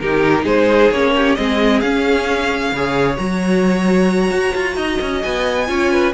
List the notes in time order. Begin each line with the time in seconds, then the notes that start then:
0.00 D#3 D#4 G4 A#4
0.43 G#3 G#4 C5
0.91 A#3 C#4 C#5
1.16 G4
1.35 G#3 C4 G#4 D#5
1.80 C#4 F5
2.72 C#3 G#4 C#5
3.16 F#3 F#4 A#5
4.31 F#4
4.55 F4
4.76 D#4 D#5
5.01 C#4
5.22 B3 G#5
5.67 C#4 F4 C#5
5.92 B4